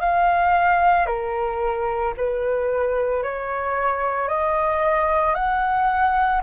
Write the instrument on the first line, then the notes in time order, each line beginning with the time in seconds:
flute
0.00 F5
1.06 A#4
2.17 B4
3.22 C#5
4.28 D#5
5.34 F#5